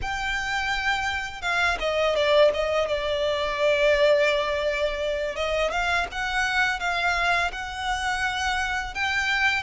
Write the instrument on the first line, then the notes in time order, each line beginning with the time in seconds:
violin
0.01 G5
1.41 F5
1.79 D#5
2.15 D5
2.53 D#5
2.87 D5
5.35 D#5
5.71 F5
6.11 F#5
6.79 F5
7.52 F#5
8.94 G5